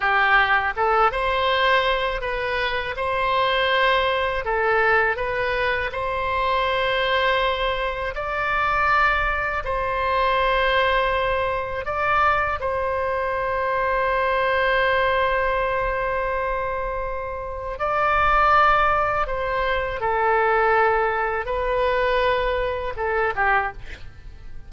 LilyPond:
\new Staff \with { instrumentName = "oboe" } { \time 4/4 \tempo 4 = 81 g'4 a'8 c''4. b'4 | c''2 a'4 b'4 | c''2. d''4~ | d''4 c''2. |
d''4 c''2.~ | c''1 | d''2 c''4 a'4~ | a'4 b'2 a'8 g'8 | }